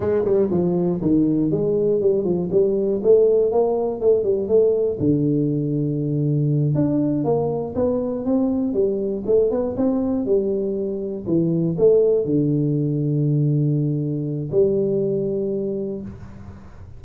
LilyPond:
\new Staff \with { instrumentName = "tuba" } { \time 4/4 \tempo 4 = 120 gis8 g8 f4 dis4 gis4 | g8 f8 g4 a4 ais4 | a8 g8 a4 d2~ | d4. d'4 ais4 b8~ |
b8 c'4 g4 a8 b8 c'8~ | c'8 g2 e4 a8~ | a8 d2.~ d8~ | d4 g2. | }